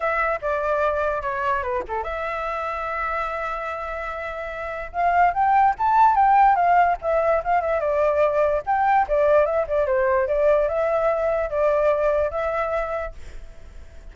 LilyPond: \new Staff \with { instrumentName = "flute" } { \time 4/4 \tempo 4 = 146 e''4 d''2 cis''4 | b'8 a'8 e''2.~ | e''1 | f''4 g''4 a''4 g''4 |
f''4 e''4 f''8 e''8 d''4~ | d''4 g''4 d''4 e''8 d''8 | c''4 d''4 e''2 | d''2 e''2 | }